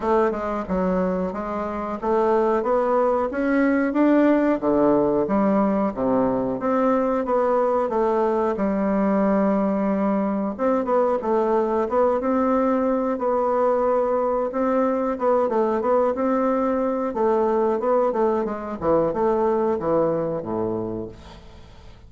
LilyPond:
\new Staff \with { instrumentName = "bassoon" } { \time 4/4 \tempo 4 = 91 a8 gis8 fis4 gis4 a4 | b4 cis'4 d'4 d4 | g4 c4 c'4 b4 | a4 g2. |
c'8 b8 a4 b8 c'4. | b2 c'4 b8 a8 | b8 c'4. a4 b8 a8 | gis8 e8 a4 e4 a,4 | }